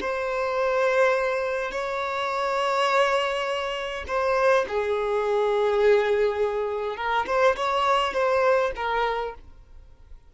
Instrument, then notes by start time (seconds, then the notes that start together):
violin
0.00 C5
1.71 C#5
4.07 C5
4.68 G#4
6.96 A#4
7.26 C5
7.56 C#5
8.13 C5
8.76 A#4